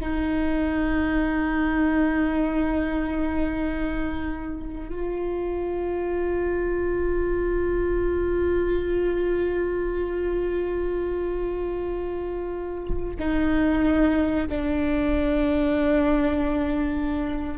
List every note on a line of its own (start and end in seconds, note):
0.00 4.89 D#4
4.89 13.17 F4
13.19 14.48 D#4
14.49 17.58 D4